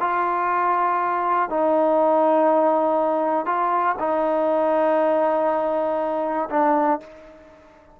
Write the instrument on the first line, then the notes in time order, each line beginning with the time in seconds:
trombone
0.00 F4
1.50 D#4
3.46 F4
3.99 D#4
6.50 D4